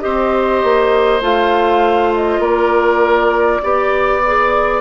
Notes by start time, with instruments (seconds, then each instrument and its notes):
0.00 bassoon C4, clarinet G4, oboe C5, flute D#5
0.64 bassoon A#3
1.21 bassoon A3, clarinet F4, flute F5
2.15 flute D#5
2.39 bassoon A#3, oboe A#4, flute D5
3.62 bassoon B3, clarinet G4, oboe D5
4.26 clarinet G#4